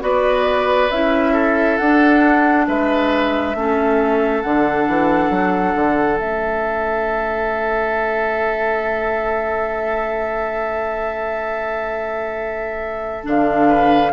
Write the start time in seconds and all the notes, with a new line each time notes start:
0.00 B3 F#4 B4 D5
0.90 C#4 E4 E5
1.33 A4
1.77 D4 F#5
2.68 G#3 B4 E5
3.54 A3 C#4 A4
4.42 D3 D4 F#5
4.87 E3
5.30 F#3
5.75 D3
6.17 A3 C#4 E5
13.23 D3 D4 F5
13.68 B4